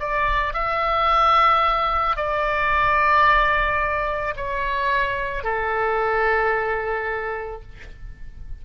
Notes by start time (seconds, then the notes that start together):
0.00 D5
0.54 E5
2.17 D5
4.36 C#5
5.44 A4